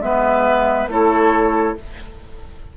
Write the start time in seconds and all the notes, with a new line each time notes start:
0.00 G#3 B3 B4 E5
0.87 A3 E4 A4 C#5